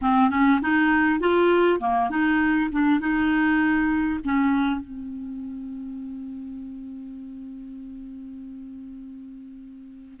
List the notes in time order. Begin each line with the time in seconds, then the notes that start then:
0.01 C4
0.29 C#4
0.61 D#4
1.19 F4
1.80 A#3
2.09 D#4
2.72 D4
3.00 D#4
4.24 C#4
4.80 C4